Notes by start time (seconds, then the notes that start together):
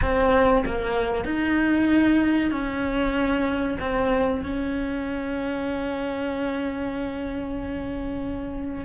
0.01 C4
0.65 A#3
1.25 D#4
2.51 C#4
3.79 C4
4.42 C#4